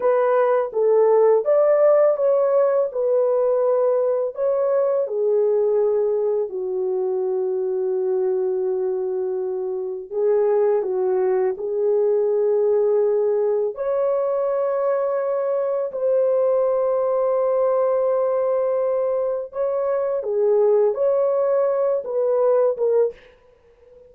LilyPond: \new Staff \with { instrumentName = "horn" } { \time 4/4 \tempo 4 = 83 b'4 a'4 d''4 cis''4 | b'2 cis''4 gis'4~ | gis'4 fis'2.~ | fis'2 gis'4 fis'4 |
gis'2. cis''4~ | cis''2 c''2~ | c''2. cis''4 | gis'4 cis''4. b'4 ais'8 | }